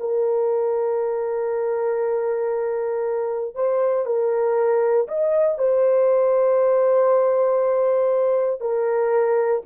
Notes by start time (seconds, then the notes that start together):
0.00 A#4
3.55 C5
4.06 A#4
5.08 D#5
5.58 C5
8.61 A#4